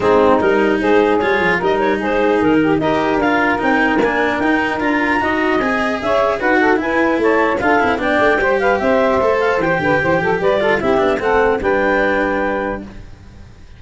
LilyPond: <<
  \new Staff \with { instrumentName = "clarinet" } { \time 4/4 \tempo 4 = 150 gis'4 ais'4 c''4 cis''4 | dis''8 cis''8 c''4 ais'4 dis''4 | f''4 g''4 gis''4 g''4 | ais''2 gis''4 e''4 |
fis''4 gis''4 a''4 f''4 | g''4. f''8 e''4. f''8 | g''2 d''4 e''4 | fis''4 g''2. | }
  \new Staff \with { instrumentName = "saxophone" } { \time 4/4 dis'2 gis'2 | ais'4 gis'4. g'8 ais'4~ | ais'1~ | ais'4 dis''2 cis''4 |
b'8 a'8 b'4 cis''4 a'4 | d''4 c''8 b'8 c''2~ | c''8 b'8 c''8 a'8 b'8 a'8 g'4 | a'4 b'2. | }
  \new Staff \with { instrumentName = "cello" } { \time 4/4 c'4 dis'2 f'4 | dis'2. g'4 | f'4 dis'4 d'4 dis'4 | f'4 fis'4 gis'2 |
fis'4 e'2 f'8 e'8 | d'4 g'2 a'4 | g'2~ g'8 f'8 e'8 d'8 | c'4 d'2. | }
  \new Staff \with { instrumentName = "tuba" } { \time 4/4 gis4 g4 gis4 g8 f8 | g4 gis4 dis4 dis'4 | d'4 c'4 ais4 dis'4 | d'4 dis'4 c'4 cis'4 |
dis'4 e'4 a4 d'8 c'8 | b8 a8 g4 c'4 a4 | e8 d8 e8 f8 g4 c'8 b8 | a4 g2. | }
>>